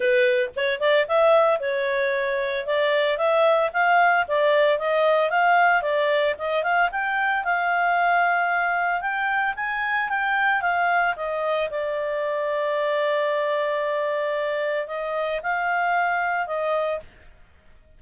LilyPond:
\new Staff \with { instrumentName = "clarinet" } { \time 4/4 \tempo 4 = 113 b'4 cis''8 d''8 e''4 cis''4~ | cis''4 d''4 e''4 f''4 | d''4 dis''4 f''4 d''4 | dis''8 f''8 g''4 f''2~ |
f''4 g''4 gis''4 g''4 | f''4 dis''4 d''2~ | d''1 | dis''4 f''2 dis''4 | }